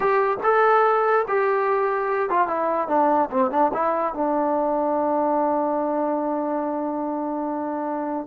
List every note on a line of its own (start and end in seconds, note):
0.00 0.37 G4
0.43 1.25 A4
1.28 2.29 G4
2.29 2.47 F4
2.47 2.88 E4
2.88 3.29 D4
3.30 3.50 C4
3.50 3.71 D4
3.73 4.14 E4
4.14 8.26 D4